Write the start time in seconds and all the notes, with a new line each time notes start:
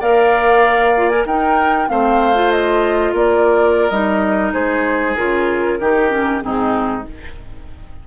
0.00 A#3 A#4 D5 F5
0.97 F4
1.09 A#4 G#5
1.25 D#4 A#4 G5
1.88 A3 C4 C5 F5
2.35 F4
2.51 D#5
3.13 A#3 A#4 D5
3.90 G3 D#4 D#5
4.53 G#3 G#4 C5
5.16 C#3 F4 A#4
5.80 D#3 D#4 G4
6.10 C#4
6.41 G#2 C4 D#4 G#4